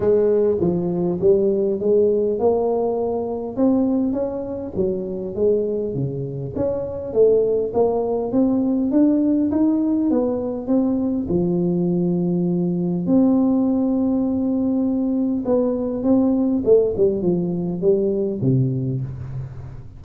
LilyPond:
\new Staff \with { instrumentName = "tuba" } { \time 4/4 \tempo 4 = 101 gis4 f4 g4 gis4 | ais2 c'4 cis'4 | fis4 gis4 cis4 cis'4 | a4 ais4 c'4 d'4 |
dis'4 b4 c'4 f4~ | f2 c'2~ | c'2 b4 c'4 | a8 g8 f4 g4 c4 | }